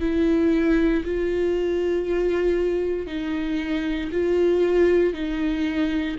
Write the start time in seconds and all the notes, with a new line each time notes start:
0.00 E4
1.04 F4
3.07 D#4
4.12 F4
5.13 D#4